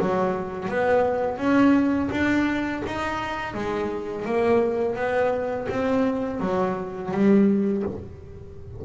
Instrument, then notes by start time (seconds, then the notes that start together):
double bass
0.00 F#3
0.69 B3
1.38 C#4
2.11 D4
2.86 D#4
3.54 G#3
4.25 A#3
4.95 B3
5.69 C4
6.40 F#3
7.11 G3